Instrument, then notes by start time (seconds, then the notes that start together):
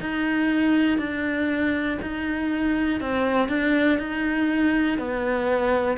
cello
0.00 D#4
0.99 D4
2.02 D#4
3.00 C4
3.49 D4
3.99 D#4
4.98 B3